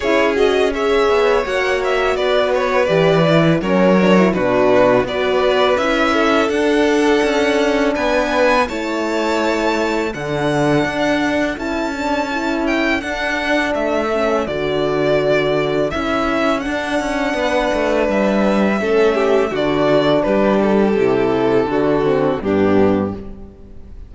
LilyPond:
<<
  \new Staff \with { instrumentName = "violin" } { \time 4/4 \tempo 4 = 83 cis''8 dis''8 e''4 fis''8 e''8 d''8 cis''8 | d''4 cis''4 b'4 d''4 | e''4 fis''2 gis''4 | a''2 fis''2 |
a''4. g''8 fis''4 e''4 | d''2 e''4 fis''4~ | fis''4 e''2 d''4 | b'8 a'2~ a'8 g'4 | }
  \new Staff \with { instrumentName = "violin" } { \time 4/4 gis'4 cis''2 b'4~ | b'4 ais'4 fis'4 b'4~ | b'8 a'2~ a'8 b'4 | cis''2 a'2~ |
a'1~ | a'1 | b'2 a'8 g'8 fis'4 | g'2 fis'4 d'4 | }
  \new Staff \with { instrumentName = "horn" } { \time 4/4 e'8 fis'8 gis'4 fis'2 | g'8 e'8 cis'8 d'16 e'16 d'4 fis'4 | e'4 d'2. | e'2 d'2 |
e'8 d'8 e'4 d'4. cis'8 | fis'2 e'4 d'4~ | d'2 cis'4 d'4~ | d'4 e'4 d'8 c'8 b4 | }
  \new Staff \with { instrumentName = "cello" } { \time 4/4 cis'4. b8 ais4 b4 | e4 fis4 b,4 b4 | cis'4 d'4 cis'4 b4 | a2 d4 d'4 |
cis'2 d'4 a4 | d2 cis'4 d'8 cis'8 | b8 a8 g4 a4 d4 | g4 c4 d4 g,4 | }
>>